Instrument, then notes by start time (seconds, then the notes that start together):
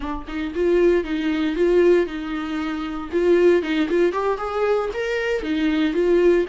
viola
0.00 D4
0.27 D#4
0.55 F4
1.04 D#4
1.55 F4
2.06 D#4
3.12 F4
3.62 D#4
3.89 F4
4.12 G4
4.37 G#4
4.93 A#4
5.42 D#4
5.93 F4